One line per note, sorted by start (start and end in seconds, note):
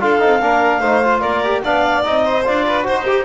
0.00 0.22 D4
0.00 0.19 F4
0.00 0.41 A4
0.00 1.20 F5
0.19 0.42 C4
0.19 0.39 D#4
0.41 0.80 A#3
0.41 0.82 D4
0.41 0.80 A#4
0.80 1.21 A3
0.80 1.03 D#4
0.80 1.20 C5
1.03 1.44 F4
1.20 1.63 A#3
1.20 1.61 A#4
1.20 1.61 D5
1.44 1.63 G4
1.63 2.05 B3
1.63 2.02 D4
1.63 2.24 D5
1.63 2.02 F5
2.02 2.47 C4
2.02 2.43 D#4
2.02 2.43 D#5
2.24 2.65 C5
2.45 2.88 D4
2.45 2.83 F4
2.45 2.84 D5
2.66 2.87 B4
2.83 3.24 D#4
2.83 3.03 F#4
2.83 3.24 C5
2.83 3.04 C5
3.04 3.24 G4